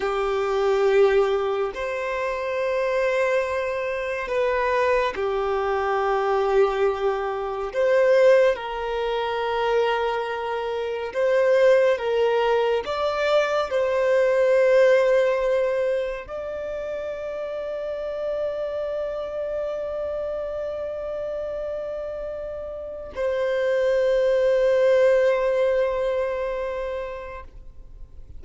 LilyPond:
\new Staff \with { instrumentName = "violin" } { \time 4/4 \tempo 4 = 70 g'2 c''2~ | c''4 b'4 g'2~ | g'4 c''4 ais'2~ | ais'4 c''4 ais'4 d''4 |
c''2. d''4~ | d''1~ | d''2. c''4~ | c''1 | }